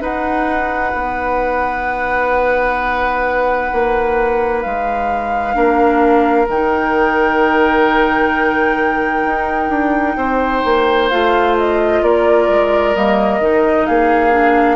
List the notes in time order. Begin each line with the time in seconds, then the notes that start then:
0.00 D#4 B4 F#5
0.94 B3
3.73 A#3
4.62 G#3 F5
5.54 A#3 D4 A#4
6.49 D#3 D#4 G5
9.25 D#4
9.69 D4
10.17 C4 C5
10.65 A#3
11.10 A3 F4 F5
11.58 D#5
12.02 A#3 A#4 D5
12.49 G#3
12.95 G3 A#3 D#5
13.40 D#3 D#4
13.87 A#3 G#4 F5
14.31 D4